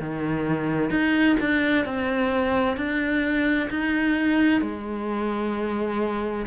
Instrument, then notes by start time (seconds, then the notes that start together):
cello
0.00 D#3
0.90 D#4
1.40 D4
1.85 C4
2.77 D4
3.70 D#4
4.61 G#3